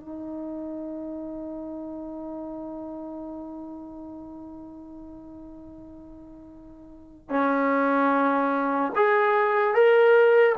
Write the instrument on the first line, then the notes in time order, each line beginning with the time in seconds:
trombone
0.00 D#4
7.30 C#4
8.96 G#4
9.74 A#4